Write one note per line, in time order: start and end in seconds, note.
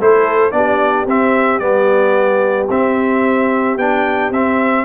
0.00 0.52 A3
0.00 0.52 E4
0.00 0.54 A4
0.00 0.51 C5
0.51 1.06 B3
0.51 1.06 D4
0.51 4.85 G4
0.51 1.05 D5
1.06 1.59 C4
1.06 1.60 C4
1.06 1.59 E5
1.59 2.67 G3
1.59 2.68 B3
1.59 2.67 D5
2.70 3.76 C4
2.70 3.78 C4
2.70 3.78 E5
3.76 4.30 B3
3.76 4.33 D4
3.76 4.32 G5
4.30 4.84 C4
4.30 4.85 C4
4.30 4.85 E5